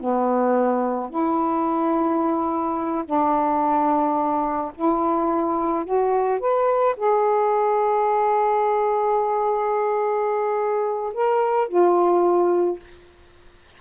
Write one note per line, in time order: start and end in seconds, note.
0.00 1.10 B3
1.10 3.04 E4
3.05 4.72 D4
4.76 5.85 E4
5.85 6.40 F#4
6.40 6.95 B4
6.97 11.13 G#4
11.14 11.68 A#4
11.68 12.80 F4